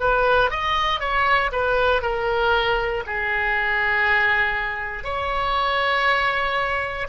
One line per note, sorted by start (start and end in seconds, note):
0.00 0.50 B4
0.50 1.00 D#5
1.00 1.51 C#5
1.52 2.02 B4
2.02 3.03 A#4
3.06 5.04 G#4
5.04 7.07 C#5